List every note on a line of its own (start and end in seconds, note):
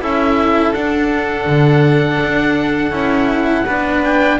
0.00 0.72 C#4
0.00 0.73 E4
0.00 3.66 A4
0.00 0.74 E5
0.72 1.46 D4
0.72 2.91 D4
0.72 4.03 F#5
1.46 2.20 D3
2.23 2.91 D4
2.91 3.64 C#4
2.91 3.65 E4
3.66 4.40 B3
3.66 4.40 D4
3.66 4.39 B4
4.04 4.40 G5